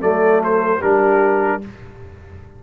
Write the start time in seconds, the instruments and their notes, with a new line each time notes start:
0.00 tuba F#3, trombone A3, horn A4, trumpet D5
0.44 trumpet C5
0.80 tuba G3, trombone D4, horn G4, trumpet A#4